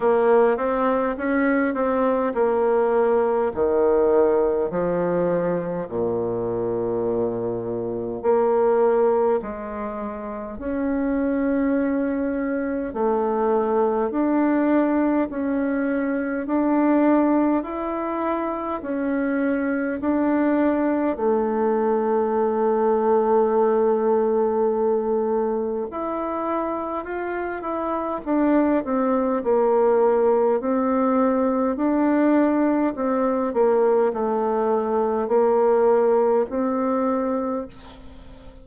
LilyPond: \new Staff \with { instrumentName = "bassoon" } { \time 4/4 \tempo 4 = 51 ais8 c'8 cis'8 c'8 ais4 dis4 | f4 ais,2 ais4 | gis4 cis'2 a4 | d'4 cis'4 d'4 e'4 |
cis'4 d'4 a2~ | a2 e'4 f'8 e'8 | d'8 c'8 ais4 c'4 d'4 | c'8 ais8 a4 ais4 c'4 | }